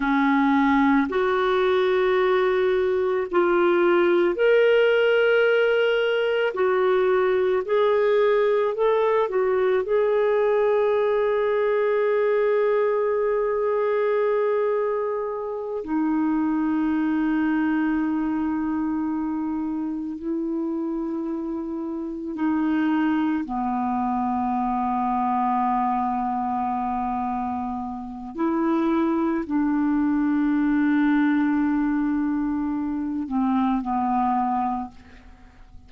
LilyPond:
\new Staff \with { instrumentName = "clarinet" } { \time 4/4 \tempo 4 = 55 cis'4 fis'2 f'4 | ais'2 fis'4 gis'4 | a'8 fis'8 gis'2.~ | gis'2~ gis'8 dis'4.~ |
dis'2~ dis'8 e'4.~ | e'8 dis'4 b2~ b8~ | b2 e'4 d'4~ | d'2~ d'8 c'8 b4 | }